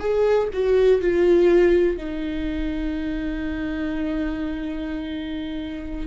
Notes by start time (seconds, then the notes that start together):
0.00 G#4
0.53 F#4
1.01 F4
1.97 D#4